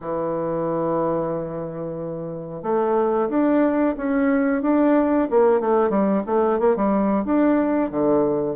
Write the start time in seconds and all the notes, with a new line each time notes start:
0.00 E3
2.63 A3
3.29 D4
3.97 C#4
4.62 D4
5.30 A#3
5.60 A3
5.89 G3
6.26 A3
6.59 A#3
6.76 G3
7.25 D4
7.91 D3